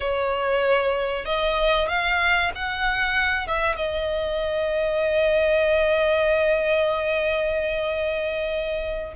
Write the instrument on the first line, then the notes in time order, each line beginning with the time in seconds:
violin
0.00 C#5
1.25 D#5
1.88 F5
2.55 F#5
3.47 E5
3.76 D#5